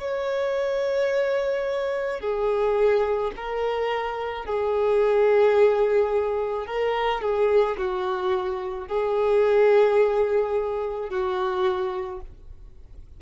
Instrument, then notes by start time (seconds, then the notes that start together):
violin
0.00 C#5
2.21 G#4
3.36 A#4
4.45 G#4
6.67 A#4
7.22 G#4
7.78 F#4
8.88 G#4
11.10 F#4